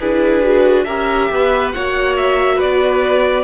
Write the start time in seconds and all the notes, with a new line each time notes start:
0.00 D4 E4 G#4 B4
0.42 F#4
0.84 C#4 G4 A#4 E5
1.31 B3 B4
1.72 A#3 F#4 C#5 F#5
2.17 E5
2.56 B4 D5
2.62 B3